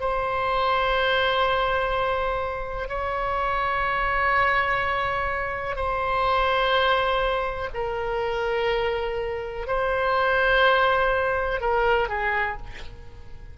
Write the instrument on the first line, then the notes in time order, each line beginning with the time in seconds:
oboe
0.00 C5
2.89 C#5
5.76 C5
7.74 A#4
9.67 C5
11.61 A#4
12.09 G#4